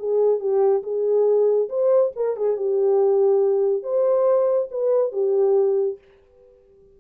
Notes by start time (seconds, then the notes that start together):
0.00 G#4
0.40 G4
0.83 G#4
1.69 C5
2.16 A#4
2.37 G#4
2.57 G4
3.83 C5
4.72 B4
5.13 G4